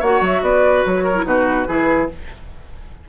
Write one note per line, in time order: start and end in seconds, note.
0.00 0.21 A#3
0.00 1.15 F#4
0.00 0.41 C#5
0.00 0.23 F#5
0.21 0.42 F#3
0.21 0.44 E5
0.42 0.84 B3
0.42 1.04 B4
0.42 0.85 D5
0.86 1.25 F#3
0.86 1.26 C#5
1.04 1.25 A#4
1.15 1.24 E4
1.24 1.66 B2
1.24 1.66 D#4
1.24 1.68 F#4
1.24 2.09 B4
1.68 2.10 E3
1.68 2.09 E4
1.68 2.09 G#4